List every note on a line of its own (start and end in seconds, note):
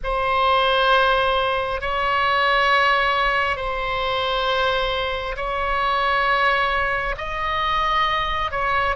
0.03 1.81 C5
1.81 3.56 C#5
3.56 5.35 C5
5.36 7.15 C#5
7.17 8.51 D#5
8.51 8.95 C#5